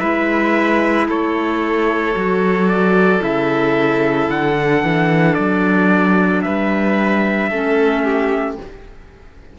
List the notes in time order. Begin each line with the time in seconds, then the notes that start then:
0.00 G#3 E4 B4 E5
1.08 A3 A4 C#5
2.14 F#3 F#4
2.69 D5
3.20 C#3 E4 E5
4.30 D3 F#5
4.58 D4
4.84 E3
5.35 F#3 D5
6.42 G3 B4 E5
7.50 A3 C#4 A4
8.04 G4